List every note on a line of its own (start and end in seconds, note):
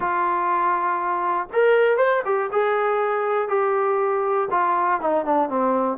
0.00 1.47 F4
1.52 1.97 A#4
1.97 2.22 C5
2.25 2.50 G4
2.51 3.48 G#4
3.48 4.48 G4
4.50 5.00 F4
5.00 5.25 D#4
5.25 5.49 D4
5.49 5.97 C4